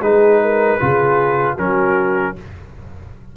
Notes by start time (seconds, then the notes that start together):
0.00 G#3 D#4 G#4 B4
0.42 A#4
0.80 C#3 F4 G#4
1.55 F#3 C#4 F#4 A#4